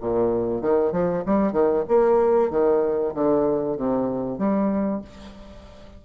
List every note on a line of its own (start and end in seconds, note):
0.00 0.61 A#2
0.61 0.91 D#3
0.91 1.23 F3
1.25 1.52 G3
1.52 1.83 D#3
1.88 2.50 A#3
2.50 3.13 D#3
3.14 3.77 D3
3.77 4.38 C3
4.38 5.01 G3